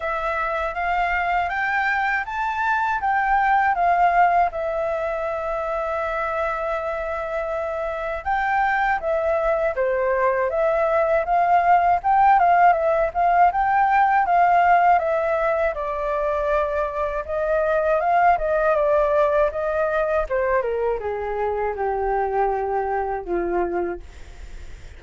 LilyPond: \new Staff \with { instrumentName = "flute" } { \time 4/4 \tempo 4 = 80 e''4 f''4 g''4 a''4 | g''4 f''4 e''2~ | e''2. g''4 | e''4 c''4 e''4 f''4 |
g''8 f''8 e''8 f''8 g''4 f''4 | e''4 d''2 dis''4 | f''8 dis''8 d''4 dis''4 c''8 ais'8 | gis'4 g'2 f'4 | }